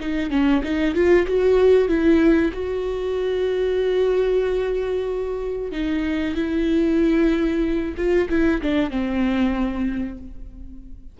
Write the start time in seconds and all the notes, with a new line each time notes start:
0.00 D#4
0.30 C#4
0.63 D#4
0.94 F4
1.26 F#4
1.88 E4
2.53 F#4
5.71 D#4
6.35 E4
7.96 F4
8.29 E4
8.61 D4
8.90 C4